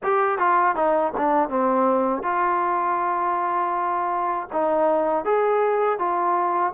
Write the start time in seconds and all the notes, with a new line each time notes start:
0.03 G4
0.38 F4
0.75 D#4
1.17 D4
1.49 C4
2.23 F4
4.52 D#4
5.25 G#4
5.98 F4